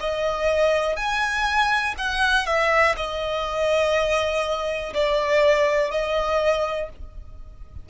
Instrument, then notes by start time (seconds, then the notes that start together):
violin
0.00 D#5
0.96 G#5
1.98 F#5
2.46 E5
2.96 D#5
4.93 D5
5.91 D#5